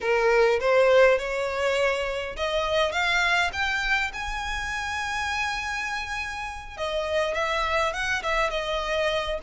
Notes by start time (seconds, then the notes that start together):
0.01 A#4
0.59 C5
1.18 C#5
2.36 D#5
2.91 F5
3.52 G5
4.13 G#5
6.77 D#5
7.34 E5
7.93 F#5
8.22 E5
8.50 D#5